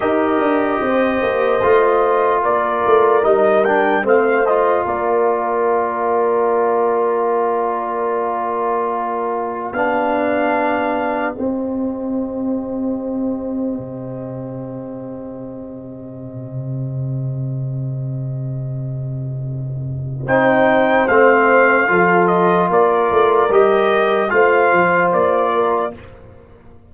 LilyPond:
<<
  \new Staff \with { instrumentName = "trumpet" } { \time 4/4 \tempo 4 = 74 dis''2. d''4 | dis''8 g''8 f''8 dis''8 d''2~ | d''1 | f''2 dis''2~ |
dis''1~ | dis''1~ | dis''4 g''4 f''4. dis''8 | d''4 dis''4 f''4 d''4 | }
  \new Staff \with { instrumentName = "horn" } { \time 4/4 ais'4 c''2 ais'4~ | ais'4 c''4 ais'2~ | ais'1 | g'1~ |
g'1~ | g'1~ | g'4 c''2 a'4 | ais'2 c''4. ais'8 | }
  \new Staff \with { instrumentName = "trombone" } { \time 4/4 g'2 f'2 | dis'8 d'8 c'8 f'2~ f'8~ | f'1 | d'2 c'2~ |
c'1~ | c'1~ | c'4 dis'4 c'4 f'4~ | f'4 g'4 f'2 | }
  \new Staff \with { instrumentName = "tuba" } { \time 4/4 dis'8 d'8 c'8 ais8 a4 ais8 a8 | g4 a4 ais2~ | ais1 | b2 c'2~ |
c'4 c2.~ | c1~ | c4 c'4 a4 f4 | ais8 a8 g4 a8 f8 ais4 | }
>>